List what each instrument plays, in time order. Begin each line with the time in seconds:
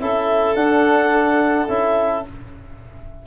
0.00 tuba C#4, trombone E4, violin A4, clarinet E5
0.56 tuba D4, trombone D4, clarinet F#5
1.68 tuba C#4, trombone E4, clarinet E5